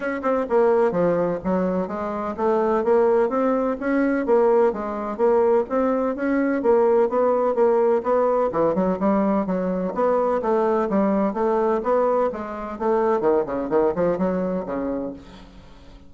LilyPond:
\new Staff \with { instrumentName = "bassoon" } { \time 4/4 \tempo 4 = 127 cis'8 c'8 ais4 f4 fis4 | gis4 a4 ais4 c'4 | cis'4 ais4 gis4 ais4 | c'4 cis'4 ais4 b4 |
ais4 b4 e8 fis8 g4 | fis4 b4 a4 g4 | a4 b4 gis4 a4 | dis8 cis8 dis8 f8 fis4 cis4 | }